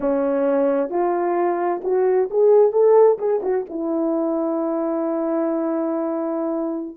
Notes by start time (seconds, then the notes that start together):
0.00 C#4
0.90 F4
1.83 F#4
2.30 G#4
2.72 A4
3.18 G#4
3.42 F#4
3.69 E4